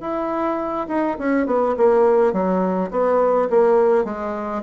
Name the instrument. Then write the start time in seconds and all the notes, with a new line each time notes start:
bassoon
0.00 E4
0.88 D#4
1.19 C#4
1.46 B3
1.77 A#3
2.32 F#3
2.90 B3
3.50 A#3
4.04 G#3